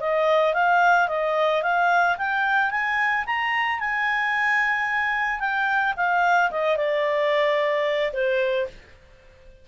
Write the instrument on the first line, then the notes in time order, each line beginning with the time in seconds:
clarinet
0.00 D#5
0.54 F5
1.08 D#5
1.62 F5
2.18 G5
2.71 G#5
3.26 A#5
3.80 G#5
5.40 G5
5.96 F5
6.51 D#5
6.77 D5
8.13 C5